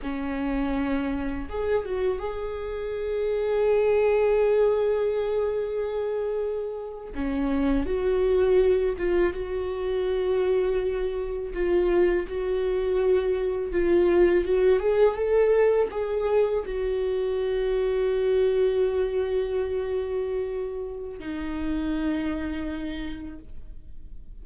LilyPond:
\new Staff \with { instrumentName = "viola" } { \time 4/4 \tempo 4 = 82 cis'2 gis'8 fis'8 gis'4~ | gis'1~ | gis'4.~ gis'16 cis'4 fis'4~ fis'16~ | fis'16 f'8 fis'2. f'16~ |
f'8. fis'2 f'4 fis'16~ | fis'16 gis'8 a'4 gis'4 fis'4~ fis'16~ | fis'1~ | fis'4 dis'2. | }